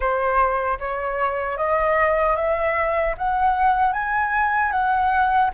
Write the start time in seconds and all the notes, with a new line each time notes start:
0.00 C5
0.79 C#5
1.57 D#5
2.36 E5
3.17 F#5
3.93 G#5
4.71 F#5